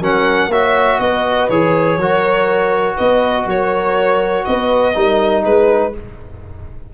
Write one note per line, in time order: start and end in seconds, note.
0.00 0.48 F#3
0.00 0.51 C#4
0.00 0.50 A#4
0.00 0.51 F#5
0.48 0.97 A#3
0.48 1.50 F#4
0.48 1.00 C#5
0.48 1.00 E5
0.99 1.48 B3
0.99 1.99 B4
0.99 1.49 D#5
1.49 1.97 E3
1.49 1.99 G#4
1.49 2.96 C#5
1.97 2.96 F#3
1.97 4.94 F#4
1.97 2.96 A#4
2.96 3.45 B3
2.96 3.45 B4
2.96 3.46 D#5
3.45 4.44 F#3
3.45 4.45 A#4
3.45 4.45 C#5
4.45 4.96 B3
4.45 4.95 B4
4.45 5.43 D#5
4.94 5.45 G3
4.94 5.92 D#4
4.94 5.44 A#4
5.44 5.94 G#3
5.44 5.93 G#4
5.44 5.94 B4